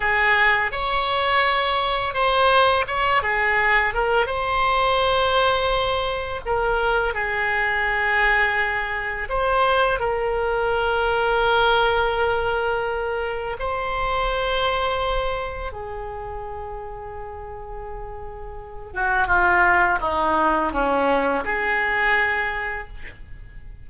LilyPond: \new Staff \with { instrumentName = "oboe" } { \time 4/4 \tempo 4 = 84 gis'4 cis''2 c''4 | cis''8 gis'4 ais'8 c''2~ | c''4 ais'4 gis'2~ | gis'4 c''4 ais'2~ |
ais'2. c''4~ | c''2 gis'2~ | gis'2~ gis'8 fis'8 f'4 | dis'4 cis'4 gis'2 | }